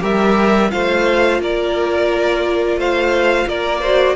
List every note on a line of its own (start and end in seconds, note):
0.00 0.72 G3
0.00 0.69 G4
0.00 0.71 A#4
0.00 0.71 E5
0.70 1.40 A3
0.70 3.81 F4
0.70 1.42 C5
0.70 1.40 F5
1.40 2.76 A#3
1.40 2.78 A#4
1.40 2.80 D5
2.76 3.45 A3
2.76 3.47 C5
2.76 3.49 F5
3.47 4.16 A#3
3.47 3.81 A#4
3.47 4.16 D5
3.81 4.16 F#4
3.81 4.15 C5